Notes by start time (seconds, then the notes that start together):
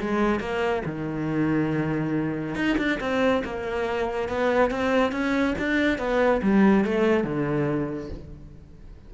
0.00 G#3
0.40 A#3
0.86 D#3
2.56 D#4
2.78 D4
3.01 C4
3.45 A#3
4.29 B3
4.71 C4
5.12 C#4
5.59 D4
5.99 B3
6.43 G3
6.85 A3
7.24 D3